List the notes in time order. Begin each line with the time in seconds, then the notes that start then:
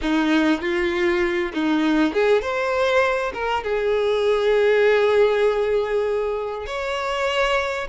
0.01 D#4
0.61 F4
1.53 D#4
2.13 G#4
2.41 C5
3.33 A#4
3.63 G#4
6.66 C#5